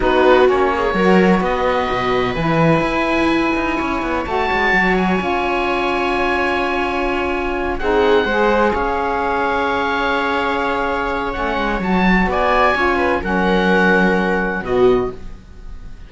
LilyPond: <<
  \new Staff \with { instrumentName = "oboe" } { \time 4/4 \tempo 4 = 127 b'4 cis''2 dis''4~ | dis''4 gis''2.~ | gis''4 a''4. gis''4.~ | gis''1~ |
gis''8 fis''2 f''4.~ | f''1 | fis''4 a''4 gis''2 | fis''2. dis''4 | }
  \new Staff \with { instrumentName = "viola" } { \time 4/4 fis'4. gis'8 ais'4 b'4~ | b'1 | cis''1~ | cis''1~ |
cis''8 gis'4 c''4 cis''4.~ | cis''1~ | cis''2 d''4 cis''8 b'8 | ais'2. fis'4 | }
  \new Staff \with { instrumentName = "saxophone" } { \time 4/4 dis'4 cis'4 fis'2~ | fis'4 e'2.~ | e'4 fis'2 f'4~ | f'1~ |
f'8 dis'4 gis'2~ gis'8~ | gis'1 | cis'4 fis'2 f'4 | cis'2. b4 | }
  \new Staff \with { instrumentName = "cello" } { \time 4/4 b4 ais4 fis4 b4 | b,4 e4 e'4. dis'8 | cis'8 b8 a8 gis8 fis4 cis'4~ | cis'1~ |
cis'8 c'4 gis4 cis'4.~ | cis'1 | a8 gis8 fis4 b4 cis'4 | fis2. b,4 | }
>>